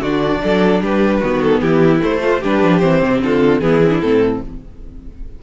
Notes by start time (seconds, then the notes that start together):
0.00 D3 D4 F#4 D5
0.44 F#3 A4
0.82 G3 G4 B4
1.21 D#3 B3 F#4
1.42 A4
1.62 E3 E4 G4
2.01 A3 C5
2.22 F4
2.41 G3 D4 G4 B4
2.63 F3
2.79 E3 C4 C5
3.03 C3
3.21 D3 F4 A4
3.61 E3 B3 E4 G#4
3.84 C4
3.91 D4
4.01 A2 C4 A4